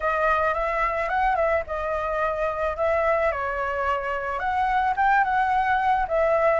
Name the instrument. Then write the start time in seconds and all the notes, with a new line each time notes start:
flute
0.00 D#5
0.54 E5
1.08 F#5
1.35 E5
1.66 D#5
2.76 E5
3.31 C#5
4.39 F#5
4.96 G5
5.24 F#5
6.08 E5